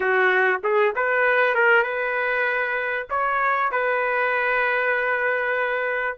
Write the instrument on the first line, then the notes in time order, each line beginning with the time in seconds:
trumpet
0.00 F#4
0.63 G#4
0.95 B4
1.54 A#4
1.83 B4
3.10 C#5
3.71 B4